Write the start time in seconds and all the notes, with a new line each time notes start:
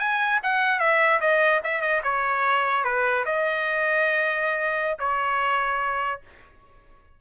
0.00 G#5
0.43 F#5
0.80 E5
1.21 D#5
1.64 E5
1.82 D#5
2.04 C#5
2.85 B4
3.26 D#5
5.00 C#5